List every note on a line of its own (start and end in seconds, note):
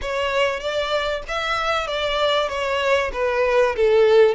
0.01 0.59 C#5
0.59 1.22 D5
1.28 1.87 E5
1.87 2.48 D5
2.48 3.11 C#5
3.12 3.75 B4
3.76 4.34 A4